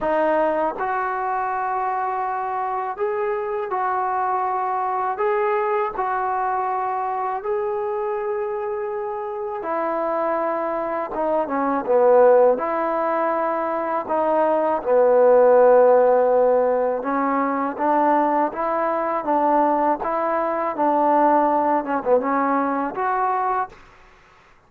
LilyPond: \new Staff \with { instrumentName = "trombone" } { \time 4/4 \tempo 4 = 81 dis'4 fis'2. | gis'4 fis'2 gis'4 | fis'2 gis'2~ | gis'4 e'2 dis'8 cis'8 |
b4 e'2 dis'4 | b2. cis'4 | d'4 e'4 d'4 e'4 | d'4. cis'16 b16 cis'4 fis'4 | }